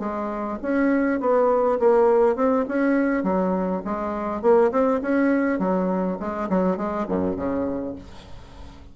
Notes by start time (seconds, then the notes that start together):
0.00 G#3
0.63 C#4
1.21 B3
1.80 A#3
2.36 C4
2.68 C#4
3.24 F#3
3.85 G#3
4.42 A#3
4.72 C4
5.02 C#4
5.60 F#3
6.20 G#3
6.50 F#3
6.77 G#3
7.09 F#2
7.37 C#3